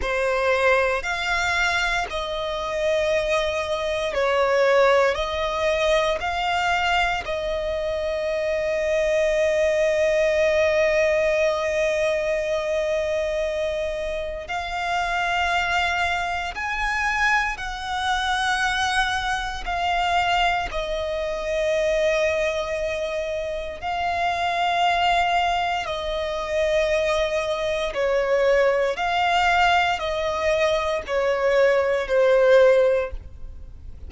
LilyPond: \new Staff \with { instrumentName = "violin" } { \time 4/4 \tempo 4 = 58 c''4 f''4 dis''2 | cis''4 dis''4 f''4 dis''4~ | dis''1~ | dis''2 f''2 |
gis''4 fis''2 f''4 | dis''2. f''4~ | f''4 dis''2 cis''4 | f''4 dis''4 cis''4 c''4 | }